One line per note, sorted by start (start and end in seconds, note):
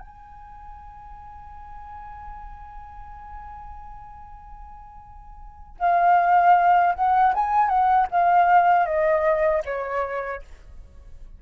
0.00 5.77 G#5
5.79 6.95 F5
6.95 7.34 F#5
7.34 7.69 G#5
7.69 8.07 F#5
8.11 8.86 F5
8.86 9.63 D#5
9.65 10.42 C#5